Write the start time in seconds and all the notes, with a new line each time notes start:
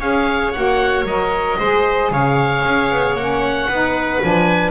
0.00 C#4 G#4 C#5 F5
0.53 A#3 F#4 F#5
1.04 F#3 A#4 D#5
1.60 G#3 G#4 C5
2.11 C#3 C#5 F5
2.66 C#4
2.92 B3
3.15 A#3 C#4 F#5
3.69 B3 D#4 B4
4.22 F3 D4 G#5